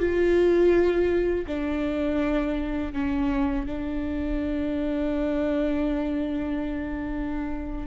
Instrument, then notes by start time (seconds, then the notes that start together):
viola
0.00 F4
1.47 D4
2.93 C#4
3.66 D4